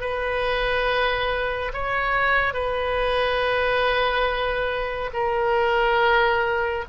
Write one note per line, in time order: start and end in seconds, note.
0.00 1.71 B4
1.73 2.53 C#5
2.53 5.10 B4
5.13 6.84 A#4